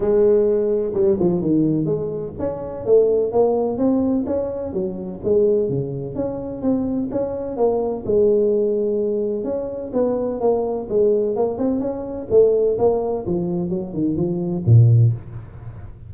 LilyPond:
\new Staff \with { instrumentName = "tuba" } { \time 4/4 \tempo 4 = 127 gis2 g8 f8 dis4 | gis4 cis'4 a4 ais4 | c'4 cis'4 fis4 gis4 | cis4 cis'4 c'4 cis'4 |
ais4 gis2. | cis'4 b4 ais4 gis4 | ais8 c'8 cis'4 a4 ais4 | f4 fis8 dis8 f4 ais,4 | }